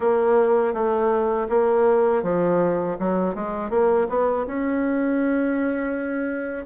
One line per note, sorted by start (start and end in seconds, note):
0.00 0.73 A#3
0.73 1.47 A3
1.48 2.23 A#3
2.23 2.97 F3
2.99 3.34 F#3
3.34 3.70 G#3
3.70 4.07 A#3
4.09 4.46 B3
4.46 6.65 C#4